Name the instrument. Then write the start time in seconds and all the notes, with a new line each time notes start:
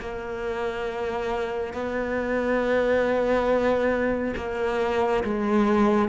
cello
0.00 A#3
1.74 B3
4.36 A#3
5.24 G#3